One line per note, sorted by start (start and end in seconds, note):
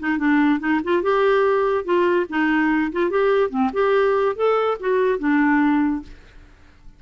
0.00 0.19 D#4
0.19 0.60 D4
0.60 0.81 D#4
0.84 1.03 F4
1.03 1.85 G4
1.85 2.27 F4
2.30 2.92 D#4
2.92 3.10 F4
3.10 3.50 G4
3.50 3.71 C4
3.73 4.36 G4
4.36 4.78 A4
4.80 5.19 F#4
5.19 6.03 D4